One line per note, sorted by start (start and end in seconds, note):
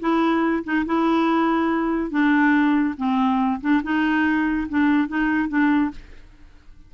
0.00 0.63 E4
0.64 0.85 D#4
0.85 2.10 E4
2.10 2.95 D4
2.97 3.60 C4
3.61 3.82 D4
3.83 4.68 D#4
4.69 5.08 D4
5.08 5.49 D#4
5.49 5.91 D4